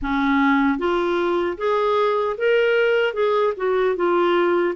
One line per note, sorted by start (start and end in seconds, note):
0.01 0.78 C#4
0.78 1.57 F4
1.57 2.36 G#4
2.37 3.13 A#4
3.13 3.53 G#4
3.56 3.95 F#4
3.95 4.74 F4